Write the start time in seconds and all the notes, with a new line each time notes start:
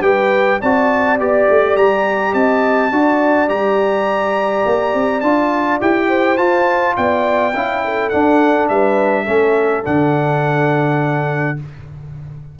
0.00 G3 G4 B4 G5
0.60 C4 F#4 D5 A5
1.19 B3 G4 D5
1.49 A3
1.76 G3 A#5
2.33 C4 D#5 A5
2.91 D4 F#4 D5
3.48 G3 G4 A#5
4.65 A#3
4.93 C4
5.20 D4 F4 A5
5.80 E4 G4 G5
6.08 C5
6.37 F4 A5
6.96 B3 D5 G5
7.54 C#4 E4 F5
7.84 A4
8.09 D4 F#5
8.68 G3 B4 E5
9.24 A3 C#4 A4
9.83 D3 D4 F#5